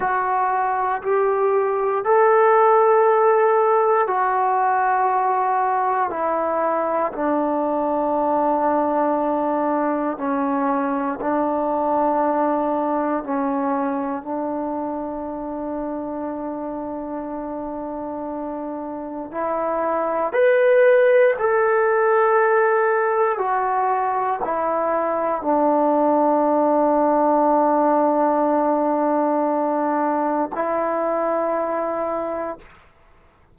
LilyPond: \new Staff \with { instrumentName = "trombone" } { \time 4/4 \tempo 4 = 59 fis'4 g'4 a'2 | fis'2 e'4 d'4~ | d'2 cis'4 d'4~ | d'4 cis'4 d'2~ |
d'2. e'4 | b'4 a'2 fis'4 | e'4 d'2.~ | d'2 e'2 | }